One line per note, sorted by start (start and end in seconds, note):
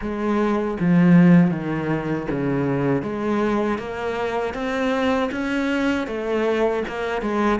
0.01 0.77 G#3
0.80 1.50 F3
1.50 2.26 D#3
2.30 3.02 C#3
3.02 3.78 G#3
3.78 4.54 A#3
4.54 5.30 C4
5.31 6.07 C#4
6.07 6.83 A3
6.87 7.21 A#3
7.21 7.59 G#3